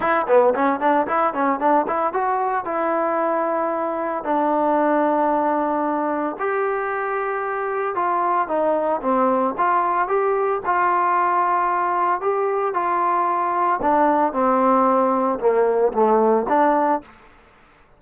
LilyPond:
\new Staff \with { instrumentName = "trombone" } { \time 4/4 \tempo 4 = 113 e'8 b8 cis'8 d'8 e'8 cis'8 d'8 e'8 | fis'4 e'2. | d'1 | g'2. f'4 |
dis'4 c'4 f'4 g'4 | f'2. g'4 | f'2 d'4 c'4~ | c'4 ais4 a4 d'4 | }